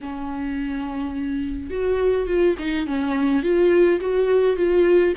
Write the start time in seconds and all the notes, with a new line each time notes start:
0.00 C#4
1.70 F#4
2.26 F4
2.58 D#4
2.86 C#4
3.42 F4
4.00 F#4
4.56 F4